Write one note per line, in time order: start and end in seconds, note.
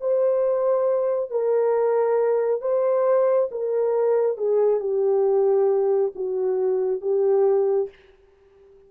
0.00 1.30 C5
1.30 2.61 A#4
2.61 3.49 C5
3.51 4.37 A#4
4.37 4.80 G#4
4.80 6.12 G4
6.15 7.01 F#4
7.01 7.89 G4